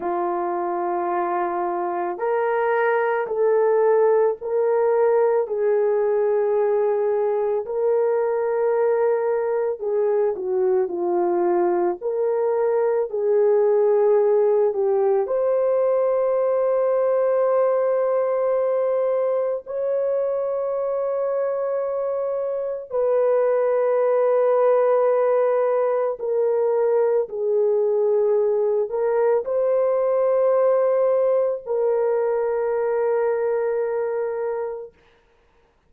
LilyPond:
\new Staff \with { instrumentName = "horn" } { \time 4/4 \tempo 4 = 55 f'2 ais'4 a'4 | ais'4 gis'2 ais'4~ | ais'4 gis'8 fis'8 f'4 ais'4 | gis'4. g'8 c''2~ |
c''2 cis''2~ | cis''4 b'2. | ais'4 gis'4. ais'8 c''4~ | c''4 ais'2. | }